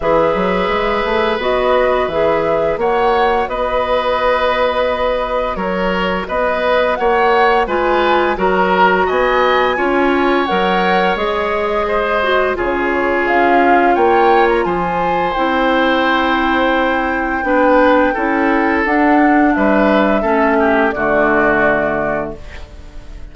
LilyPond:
<<
  \new Staff \with { instrumentName = "flute" } { \time 4/4 \tempo 4 = 86 e''2 dis''4 e''4 | fis''4 dis''2. | cis''4 dis''4 fis''4 gis''4 | ais''4 gis''2 fis''4 |
dis''2 cis''4 f''4 | g''8. ais''16 gis''4 g''2~ | g''2. fis''4 | e''2 d''2 | }
  \new Staff \with { instrumentName = "oboe" } { \time 4/4 b'1 | cis''4 b'2. | ais'4 b'4 cis''4 b'4 | ais'4 dis''4 cis''2~ |
cis''4 c''4 gis'2 | cis''4 c''2.~ | c''4 b'4 a'2 | b'4 a'8 g'8 fis'2 | }
  \new Staff \with { instrumentName = "clarinet" } { \time 4/4 gis'2 fis'4 gis'4 | fis'1~ | fis'2. f'4 | fis'2 f'4 ais'4 |
gis'4. fis'8 f'2~ | f'2 e'2~ | e'4 d'4 e'4 d'4~ | d'4 cis'4 a2 | }
  \new Staff \with { instrumentName = "bassoon" } { \time 4/4 e8 fis8 gis8 a8 b4 e4 | ais4 b2. | fis4 b4 ais4 gis4 | fis4 b4 cis'4 fis4 |
gis2 cis4 cis'4 | ais4 f4 c'2~ | c'4 b4 cis'4 d'4 | g4 a4 d2 | }
>>